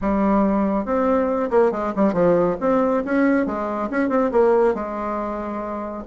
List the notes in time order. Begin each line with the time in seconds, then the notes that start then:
0.01 G3
0.85 C4
1.50 A#3
1.71 G#3
1.95 G3
2.13 F3
2.60 C4
3.04 C#4
3.46 G#3
3.90 C#4
4.09 C4
4.31 A#3
4.74 G#3